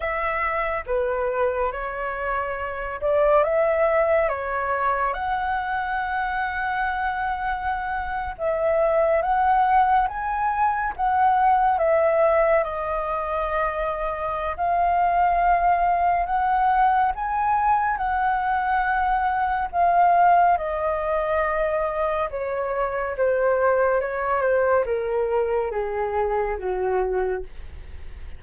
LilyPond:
\new Staff \with { instrumentName = "flute" } { \time 4/4 \tempo 4 = 70 e''4 b'4 cis''4. d''8 | e''4 cis''4 fis''2~ | fis''4.~ fis''16 e''4 fis''4 gis''16~ | gis''8. fis''4 e''4 dis''4~ dis''16~ |
dis''4 f''2 fis''4 | gis''4 fis''2 f''4 | dis''2 cis''4 c''4 | cis''8 c''8 ais'4 gis'4 fis'4 | }